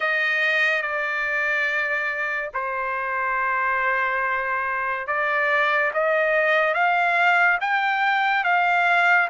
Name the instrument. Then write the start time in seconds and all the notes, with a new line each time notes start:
trumpet
0.00 D#5
0.81 D5
2.54 C5
5.07 D5
5.93 D#5
6.74 F5
7.60 G5
8.44 F5